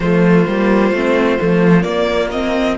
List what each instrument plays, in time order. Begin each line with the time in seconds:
0.00 cello F3, viola A3, violin F4 C5
0.47 cello G3, viola A#3
0.91 cello A3, viola C4
1.38 cello F3, viola A3
1.82 viola A#3, cello A#3, violin D5
2.31 viola C4, violin D#5